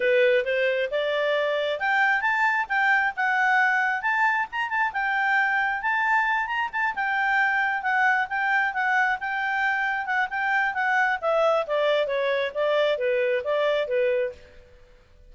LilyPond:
\new Staff \with { instrumentName = "clarinet" } { \time 4/4 \tempo 4 = 134 b'4 c''4 d''2 | g''4 a''4 g''4 fis''4~ | fis''4 a''4 ais''8 a''8 g''4~ | g''4 a''4. ais''8 a''8 g''8~ |
g''4. fis''4 g''4 fis''8~ | fis''8 g''2 fis''8 g''4 | fis''4 e''4 d''4 cis''4 | d''4 b'4 d''4 b'4 | }